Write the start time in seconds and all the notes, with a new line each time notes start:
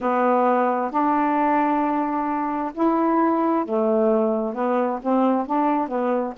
0.00 B3
0.90 D4
2.74 E4
3.65 A3
4.54 B3
5.02 C4
5.46 D4
5.88 B3